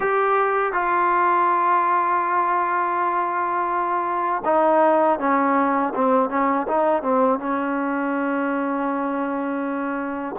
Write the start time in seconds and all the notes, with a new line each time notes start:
0.00 G4
0.72 F4
4.44 D#4
5.19 C#4
5.94 C4
6.29 C#4
6.67 D#4
7.02 C4
7.39 C#4